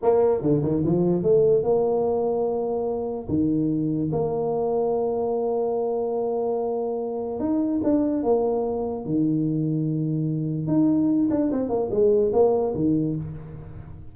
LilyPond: \new Staff \with { instrumentName = "tuba" } { \time 4/4 \tempo 4 = 146 ais4 d8 dis8 f4 a4 | ais1 | dis2 ais2~ | ais1~ |
ais2 dis'4 d'4 | ais2 dis2~ | dis2 dis'4. d'8 | c'8 ais8 gis4 ais4 dis4 | }